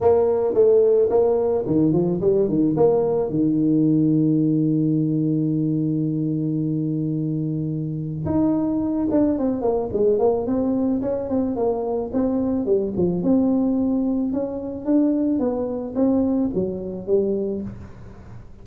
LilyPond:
\new Staff \with { instrumentName = "tuba" } { \time 4/4 \tempo 4 = 109 ais4 a4 ais4 dis8 f8 | g8 dis8 ais4 dis2~ | dis1~ | dis2. dis'4~ |
dis'8 d'8 c'8 ais8 gis8 ais8 c'4 | cis'8 c'8 ais4 c'4 g8 f8 | c'2 cis'4 d'4 | b4 c'4 fis4 g4 | }